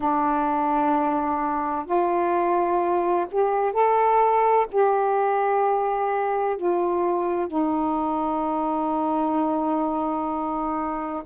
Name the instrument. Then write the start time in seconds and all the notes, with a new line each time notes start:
saxophone
0.00 D4
1.85 F4
3.31 G4
3.72 A4
4.71 G4
6.56 F4
7.47 D#4